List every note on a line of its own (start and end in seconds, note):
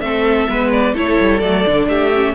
0.00 0.47 A3
0.00 0.49 C4
0.00 0.49 A4
0.00 0.70 E5
0.49 0.94 G#3
0.49 0.95 B3
0.49 0.93 B4
0.71 0.95 D5
0.93 1.17 A3
0.93 1.42 E4
0.93 1.86 A4
0.93 1.39 C#5
1.20 1.42 G3
1.39 1.65 F#3
1.39 1.66 A3
1.39 1.86 D5
1.66 1.87 D3
1.66 2.12 D4
1.87 2.34 A3
1.87 2.34 G4
1.87 2.34 E5
2.13 2.34 C#4